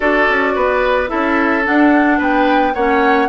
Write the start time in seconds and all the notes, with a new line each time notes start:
0.00 D4 F#4 A4 D5
0.28 C#4
0.55 B3 B4
1.07 C#4 E4 A4 E5
1.63 D4 F#5
2.18 B3 B4 G5
2.74 A#3 C#4 C#5 F#5